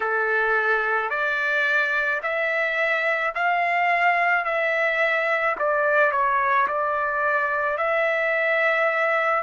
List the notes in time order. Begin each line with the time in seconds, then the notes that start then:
0.00 A4
1.10 D5
2.22 E5
3.34 F5
4.44 E5
5.58 D5
6.11 C#5
6.67 D5
7.77 E5